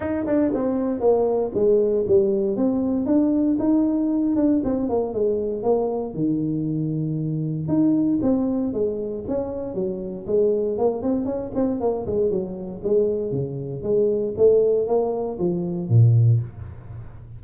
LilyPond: \new Staff \with { instrumentName = "tuba" } { \time 4/4 \tempo 4 = 117 dis'8 d'8 c'4 ais4 gis4 | g4 c'4 d'4 dis'4~ | dis'8 d'8 c'8 ais8 gis4 ais4 | dis2. dis'4 |
c'4 gis4 cis'4 fis4 | gis4 ais8 c'8 cis'8 c'8 ais8 gis8 | fis4 gis4 cis4 gis4 | a4 ais4 f4 ais,4 | }